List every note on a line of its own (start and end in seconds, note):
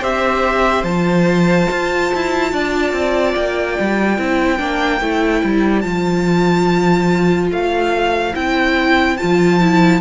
0.00 0.83 C4
0.00 0.85 G4
0.00 2.50 C5
0.00 0.84 E5
0.83 1.67 F3
0.83 4.18 F4
0.83 3.34 A5
1.71 2.12 F4
2.14 2.52 E4
2.52 2.93 D4
2.52 4.19 D5
2.93 3.34 C4
3.35 3.78 A#3
3.35 5.80 G5
3.80 4.18 G3
4.18 4.59 C4
4.18 4.58 E4
4.18 10.01 C5
4.58 5.01 A#3
4.58 4.99 D4
5.01 5.43 A3
5.01 5.83 E4
5.43 5.84 G3
5.80 7.51 F3
5.80 8.33 F4
5.80 7.47 A5
7.51 8.34 A3
7.51 8.35 F5
8.34 9.18 C4
8.34 9.17 E4
8.34 9.17 G5
9.17 10.01 F3
9.17 9.61 F4
9.17 10.00 A5
9.61 10.01 E4